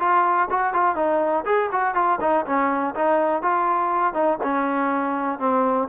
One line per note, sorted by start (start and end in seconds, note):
0.00 0.49 F4
0.51 0.74 F#4
0.74 0.96 F4
0.96 1.45 D#4
1.46 1.70 G#4
1.72 1.95 F#4
1.95 2.20 F4
2.21 2.46 D#4
2.46 2.95 C#4
2.95 3.43 D#4
3.43 4.14 F4
4.14 4.39 D#4
4.44 5.40 C#4
5.40 5.89 C4